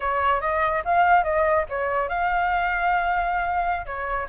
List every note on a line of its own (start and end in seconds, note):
0.00 0.41 C#5
0.41 0.82 D#5
0.84 1.23 F5
1.23 1.65 D#5
1.69 2.08 C#5
2.08 3.85 F5
3.86 4.27 C#5